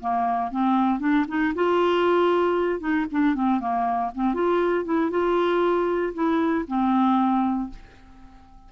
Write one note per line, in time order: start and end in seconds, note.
0.00 0.51 A#3
0.51 1.00 C4
1.00 1.25 D4
1.28 1.54 D#4
1.55 2.80 F4
2.80 3.06 D#4
3.12 3.35 D4
3.35 3.60 C4
3.60 4.11 A#3
4.15 4.34 C4
4.34 4.85 F4
4.85 5.10 E4
5.10 6.13 F4
6.14 6.65 E4
6.68 7.70 C4